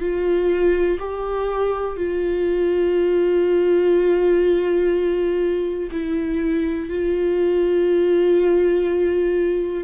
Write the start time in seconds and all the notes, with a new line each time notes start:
0.00 F4
0.99 G4
1.97 F4
5.92 E4
6.89 F4